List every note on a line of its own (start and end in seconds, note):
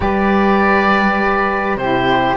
0.00 1.76 G3
0.00 1.77 G4
0.00 1.79 B4
0.00 1.77 D5
1.76 2.35 C3
1.76 2.36 E4
1.76 2.36 G4
1.76 2.36 C5